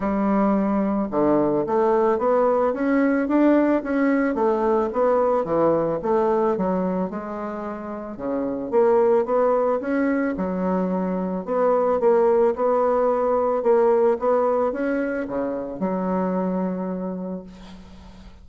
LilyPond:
\new Staff \with { instrumentName = "bassoon" } { \time 4/4 \tempo 4 = 110 g2 d4 a4 | b4 cis'4 d'4 cis'4 | a4 b4 e4 a4 | fis4 gis2 cis4 |
ais4 b4 cis'4 fis4~ | fis4 b4 ais4 b4~ | b4 ais4 b4 cis'4 | cis4 fis2. | }